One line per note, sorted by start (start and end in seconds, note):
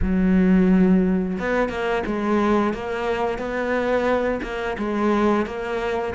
0.02 1.38 F#3
1.39 1.69 B3
1.69 2.03 A#3
2.06 2.73 G#3
2.73 3.38 A#3
3.38 4.40 B3
4.42 4.76 A#3
4.77 5.45 G#3
5.45 6.14 A#3